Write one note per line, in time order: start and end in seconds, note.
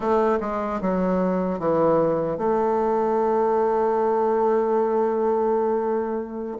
0.00 0.39 A3
0.40 0.80 G#3
0.81 1.59 F#3
1.59 2.37 E3
2.37 6.57 A3